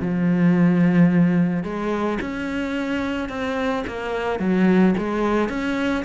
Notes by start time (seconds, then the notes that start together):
0.00 F3
1.63 G#3
2.21 C#4
3.29 C4
3.87 A#3
4.39 F#3
4.98 G#3
5.49 C#4